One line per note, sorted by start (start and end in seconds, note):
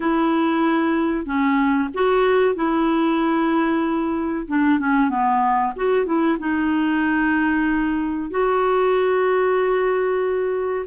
0.00 1.25 E4
1.25 1.89 C#4
1.94 2.55 F#4
2.55 4.47 E4
4.47 4.79 D4
4.79 5.09 C#4
5.09 5.73 B3
5.76 6.05 F#4
6.05 6.37 E4
6.39 8.30 D#4
8.30 10.85 F#4